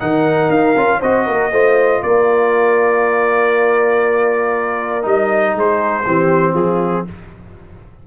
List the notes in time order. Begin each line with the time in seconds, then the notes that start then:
0.00 D#3 D#4 A#4 F#5
0.50 D#4 F5
0.76 C#4 F4
1.00 C4 F#4 C5 D#5
1.26 A#3 A#4
1.52 A3 F4 C5
2.03 A#3 A#4 D5
5.02 G3 D#4 D#5
5.55 G#3 G#4 C5
6.06 E3 C4 G4
6.54 F3 F4 G#4